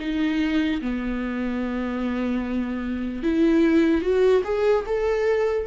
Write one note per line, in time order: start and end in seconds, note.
0.00 0.81 D#4
0.81 3.23 B3
3.23 4.02 E4
4.02 4.42 F#4
4.44 4.85 G#4
4.86 5.67 A4